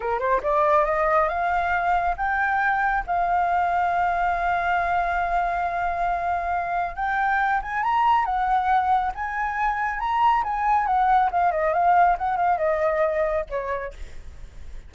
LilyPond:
\new Staff \with { instrumentName = "flute" } { \time 4/4 \tempo 4 = 138 ais'8 c''8 d''4 dis''4 f''4~ | f''4 g''2 f''4~ | f''1~ | f''1 |
g''4. gis''8 ais''4 fis''4~ | fis''4 gis''2 ais''4 | gis''4 fis''4 f''8 dis''8 f''4 | fis''8 f''8 dis''2 cis''4 | }